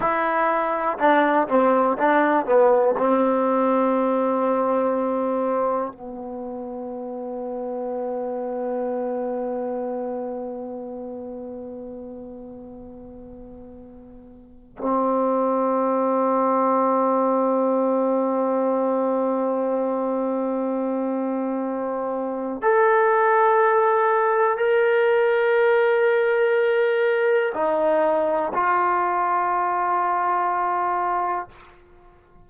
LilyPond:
\new Staff \with { instrumentName = "trombone" } { \time 4/4 \tempo 4 = 61 e'4 d'8 c'8 d'8 b8 c'4~ | c'2 b2~ | b1~ | b2. c'4~ |
c'1~ | c'2. a'4~ | a'4 ais'2. | dis'4 f'2. | }